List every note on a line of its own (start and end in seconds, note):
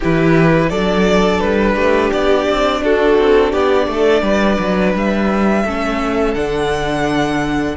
0.00 0.70 E3
0.00 0.72 E4
0.00 0.67 G4
0.00 0.69 B4
0.69 1.41 F#3
0.69 5.65 D4
0.69 1.74 A4
0.69 1.40 D5
1.40 1.75 G3
1.40 2.10 B4
1.74 2.11 A3
1.74 2.80 G4
2.12 2.48 B3
2.12 2.82 D5
2.49 2.82 C4
2.82 3.17 D4
2.82 3.50 F#4
2.82 3.52 A4
3.18 3.53 C4
3.50 3.87 B3
3.50 3.85 G4
3.50 4.94 D5
3.87 4.22 A3
3.87 4.22 A4
4.22 4.57 G3
4.22 5.64 B4
4.59 4.94 F#3
4.94 5.64 G3
4.94 6.34 E5
5.64 6.35 A3
5.64 6.35 C#4
5.64 7.77 A4
6.34 7.77 D3
6.34 7.76 D4
6.34 7.75 F#5